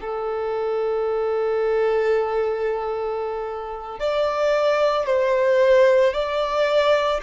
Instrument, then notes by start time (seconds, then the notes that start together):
violin
0.00 A4
3.99 D5
5.06 C5
6.13 D5